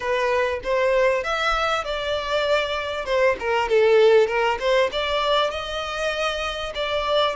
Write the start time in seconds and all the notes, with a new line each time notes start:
0.00 B4
0.63 C5
1.23 E5
1.84 D5
3.05 C5
3.39 A#4
3.68 A4
4.27 A#4
4.59 C5
4.91 D5
5.50 D#5
6.74 D5